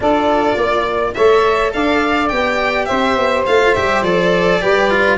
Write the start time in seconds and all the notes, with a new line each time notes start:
0.00 D4 F4 A4 D5
0.56 A#3 D5
1.13 A3 A4 C#5 E5
1.73 D4 D5 F5
2.28 B3 G4 G5
2.85 C4 C5 E5
3.16 B3
3.46 A3 F4 F5
3.74 G3 G4 E5
4.02 F3 A4 D5
4.61 G3 G4 B4
4.90 F4